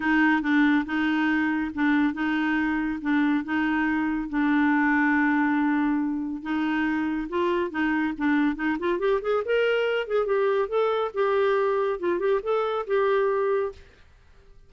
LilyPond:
\new Staff \with { instrumentName = "clarinet" } { \time 4/4 \tempo 4 = 140 dis'4 d'4 dis'2 | d'4 dis'2 d'4 | dis'2 d'2~ | d'2. dis'4~ |
dis'4 f'4 dis'4 d'4 | dis'8 f'8 g'8 gis'8 ais'4. gis'8 | g'4 a'4 g'2 | f'8 g'8 a'4 g'2 | }